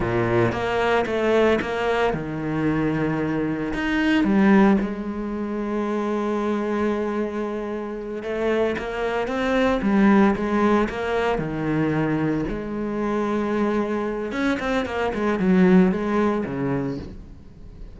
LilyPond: \new Staff \with { instrumentName = "cello" } { \time 4/4 \tempo 4 = 113 ais,4 ais4 a4 ais4 | dis2. dis'4 | g4 gis2.~ | gis2.~ gis8 a8~ |
a8 ais4 c'4 g4 gis8~ | gis8 ais4 dis2 gis8~ | gis2. cis'8 c'8 | ais8 gis8 fis4 gis4 cis4 | }